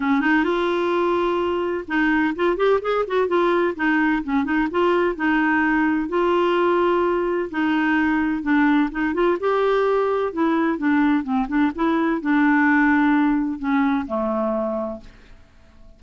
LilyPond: \new Staff \with { instrumentName = "clarinet" } { \time 4/4 \tempo 4 = 128 cis'8 dis'8 f'2. | dis'4 f'8 g'8 gis'8 fis'8 f'4 | dis'4 cis'8 dis'8 f'4 dis'4~ | dis'4 f'2. |
dis'2 d'4 dis'8 f'8 | g'2 e'4 d'4 | c'8 d'8 e'4 d'2~ | d'4 cis'4 a2 | }